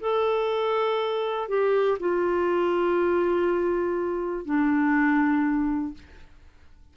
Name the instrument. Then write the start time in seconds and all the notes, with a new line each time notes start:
clarinet
0.00 A4
1.48 G4
1.99 F4
4.45 D4